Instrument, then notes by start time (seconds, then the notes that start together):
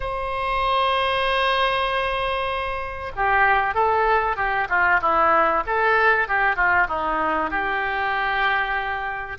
oboe
0.00 C5
3.16 G4
3.74 A4
4.36 G4
4.69 F4
5.01 E4
5.66 A4
6.28 G4
6.55 F4
6.88 D#4
7.50 G4